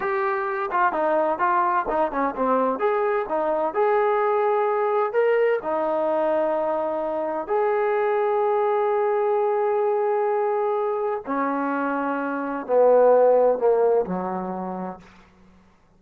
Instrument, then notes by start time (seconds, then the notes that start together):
trombone
0.00 G4
0.71 F4
0.92 D#4
1.38 F4
1.88 D#4
2.11 C#4
2.36 C4
2.79 G#4
3.29 D#4
3.74 G#4
5.12 A#4
5.62 D#4
7.47 G#4
11.26 C#4
12.66 B3
13.58 A#3
14.05 F#3